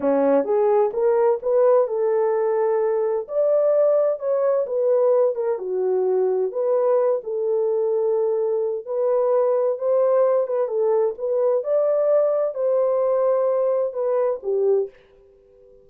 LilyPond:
\new Staff \with { instrumentName = "horn" } { \time 4/4 \tempo 4 = 129 cis'4 gis'4 ais'4 b'4 | a'2. d''4~ | d''4 cis''4 b'4. ais'8 | fis'2 b'4. a'8~ |
a'2. b'4~ | b'4 c''4. b'8 a'4 | b'4 d''2 c''4~ | c''2 b'4 g'4 | }